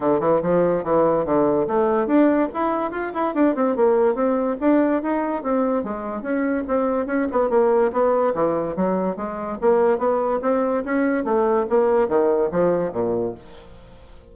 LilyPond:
\new Staff \with { instrumentName = "bassoon" } { \time 4/4 \tempo 4 = 144 d8 e8 f4 e4 d4 | a4 d'4 e'4 f'8 e'8 | d'8 c'8 ais4 c'4 d'4 | dis'4 c'4 gis4 cis'4 |
c'4 cis'8 b8 ais4 b4 | e4 fis4 gis4 ais4 | b4 c'4 cis'4 a4 | ais4 dis4 f4 ais,4 | }